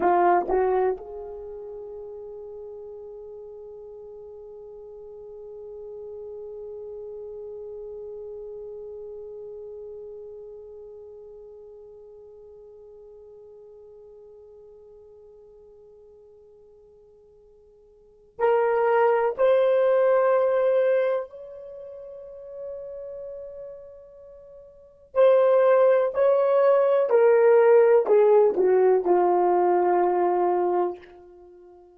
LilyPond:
\new Staff \with { instrumentName = "horn" } { \time 4/4 \tempo 4 = 62 f'8 fis'8 gis'2.~ | gis'1~ | gis'1~ | gis'1~ |
gis'2. ais'4 | c''2 cis''2~ | cis''2 c''4 cis''4 | ais'4 gis'8 fis'8 f'2 | }